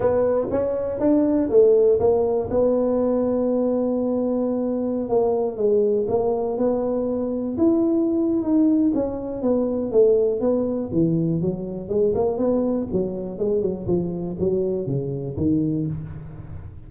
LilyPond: \new Staff \with { instrumentName = "tuba" } { \time 4/4 \tempo 4 = 121 b4 cis'4 d'4 a4 | ais4 b2.~ | b2~ b16 ais4 gis8.~ | gis16 ais4 b2 e'8.~ |
e'4 dis'4 cis'4 b4 | a4 b4 e4 fis4 | gis8 ais8 b4 fis4 gis8 fis8 | f4 fis4 cis4 dis4 | }